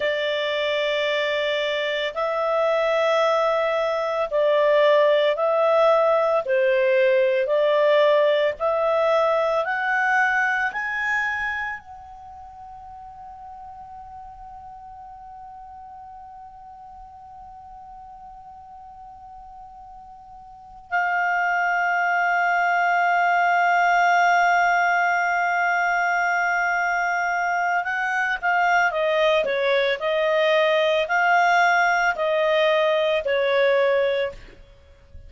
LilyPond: \new Staff \with { instrumentName = "clarinet" } { \time 4/4 \tempo 4 = 56 d''2 e''2 | d''4 e''4 c''4 d''4 | e''4 fis''4 gis''4 fis''4~ | fis''1~ |
fis''2.~ fis''8 f''8~ | f''1~ | f''2 fis''8 f''8 dis''8 cis''8 | dis''4 f''4 dis''4 cis''4 | }